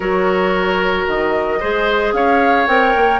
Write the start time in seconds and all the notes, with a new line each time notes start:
0.00 F#3 F#4 A#4 C#5
1.07 D#3 D#5
1.60 G#3 G#4 C5
2.12 C#4 C#5 F5
2.67 C4 A#4 G5
2.96 A#3